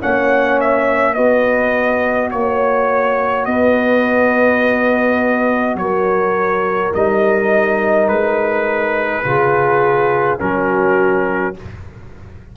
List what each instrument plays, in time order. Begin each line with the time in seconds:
0.00 tuba A#3, trombone C#4, horn C#5, trumpet F#5
0.60 trumpet E5
1.14 tuba B3, trombone F#4, horn B4, trumpet D#5
2.31 tuba A#3, trumpet C#5, horn C#5
3.45 tuba B3, horn B4, trumpet D#5
5.75 tuba F#3, horn A#4, trumpet C#5
6.93 tuba G3, trombone D#4, trumpet D#5
8.08 tuba G#3, trumpet B4
9.24 tuba C#3, trombone F4, horn G#4
10.38 tuba F#3, trombone C#4, horn F#4, trumpet A#4